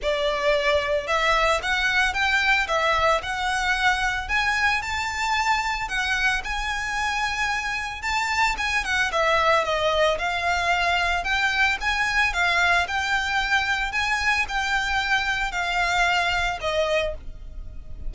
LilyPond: \new Staff \with { instrumentName = "violin" } { \time 4/4 \tempo 4 = 112 d''2 e''4 fis''4 | g''4 e''4 fis''2 | gis''4 a''2 fis''4 | gis''2. a''4 |
gis''8 fis''8 e''4 dis''4 f''4~ | f''4 g''4 gis''4 f''4 | g''2 gis''4 g''4~ | g''4 f''2 dis''4 | }